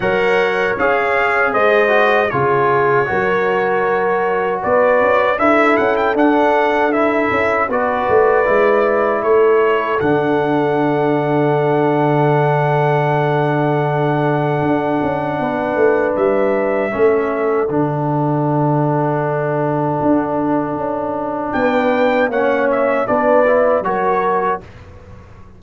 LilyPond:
<<
  \new Staff \with { instrumentName = "trumpet" } { \time 4/4 \tempo 4 = 78 fis''4 f''4 dis''4 cis''4~ | cis''2 d''4 e''8 fis''16 g''16 | fis''4 e''4 d''2 | cis''4 fis''2.~ |
fis''1~ | fis''4 e''2 fis''4~ | fis''1 | g''4 fis''8 e''8 d''4 cis''4 | }
  \new Staff \with { instrumentName = "horn" } { \time 4/4 cis''2 c''4 gis'4 | ais'2 b'4 a'4~ | a'2 b'2 | a'1~ |
a'1 | b'2 a'2~ | a'1 | b'4 cis''4 b'4 ais'4 | }
  \new Staff \with { instrumentName = "trombone" } { \time 4/4 ais'4 gis'4. fis'8 f'4 | fis'2. e'4 | d'4 e'4 fis'4 e'4~ | e'4 d'2.~ |
d'1~ | d'2 cis'4 d'4~ | d'1~ | d'4 cis'4 d'8 e'8 fis'4 | }
  \new Staff \with { instrumentName = "tuba" } { \time 4/4 fis4 cis'4 gis4 cis4 | fis2 b8 cis'8 d'8 cis'8 | d'4. cis'8 b8 a8 gis4 | a4 d2.~ |
d2. d'8 cis'8 | b8 a8 g4 a4 d4~ | d2 d'4 cis'4 | b4 ais4 b4 fis4 | }
>>